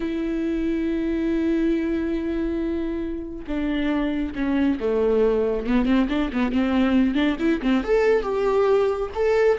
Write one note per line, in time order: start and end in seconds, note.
0.00 3.45 E4
3.47 4.34 D4
4.35 4.78 C#4
4.79 5.66 A3
5.66 5.85 B3
5.85 6.07 C4
6.09 6.30 D4
6.33 6.52 B3
6.52 7.15 C4
7.15 7.36 D4
7.39 7.60 E4
7.62 7.83 C4
7.83 8.22 A4
8.22 9.09 G4
9.14 9.58 A4